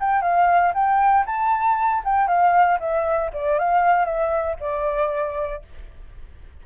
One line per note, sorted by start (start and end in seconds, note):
0.00 0.21 G5
0.21 0.73 F5
0.74 1.25 G5
1.26 2.03 A5
2.04 2.27 G5
2.27 2.79 F5
2.79 3.31 E5
3.33 3.59 D5
3.59 4.05 F5
4.05 4.56 E5
4.60 5.62 D5